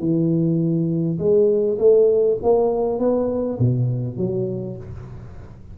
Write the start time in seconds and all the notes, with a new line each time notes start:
0.00 E3
1.19 G#3
1.79 A3
2.43 A#3
2.99 B3
3.60 B2
4.17 F#3